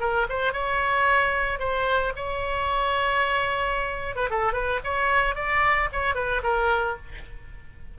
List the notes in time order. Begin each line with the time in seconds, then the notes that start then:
0.00 A#4
0.29 C5
0.53 C#5
1.59 C5
2.16 C#5
4.16 B4
4.30 A4
4.53 B4
4.84 C#5
5.35 D5
5.92 C#5
6.15 B4
6.43 A#4